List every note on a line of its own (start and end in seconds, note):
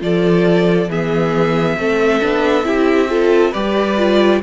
0.00 0.88 F3
0.00 0.88 F4
0.00 0.90 A4
0.00 0.90 D5
0.88 1.76 E3
0.88 1.78 B3
0.88 1.78 G#4
0.88 3.53 E5
1.77 2.22 A3
1.77 2.21 C4
1.77 2.67 A4
2.21 2.65 B3
2.21 2.63 D4
2.63 3.53 C4
2.63 3.08 E4
2.63 3.10 G4
3.09 3.53 F4
3.09 3.51 A4
3.51 4.43 G3
3.51 3.97 G4
3.51 4.39 B4
3.51 4.41 D5
3.97 4.41 F4